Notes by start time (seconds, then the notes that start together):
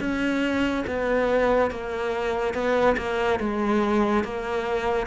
0.00 C#4
0.87 B3
1.71 A#3
2.54 B3
2.97 A#3
3.40 G#3
4.24 A#3